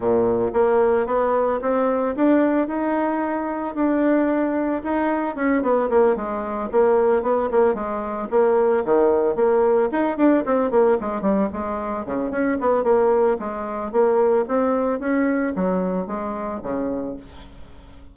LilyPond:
\new Staff \with { instrumentName = "bassoon" } { \time 4/4 \tempo 4 = 112 ais,4 ais4 b4 c'4 | d'4 dis'2 d'4~ | d'4 dis'4 cis'8 b8 ais8 gis8~ | gis8 ais4 b8 ais8 gis4 ais8~ |
ais8 dis4 ais4 dis'8 d'8 c'8 | ais8 gis8 g8 gis4 cis8 cis'8 b8 | ais4 gis4 ais4 c'4 | cis'4 fis4 gis4 cis4 | }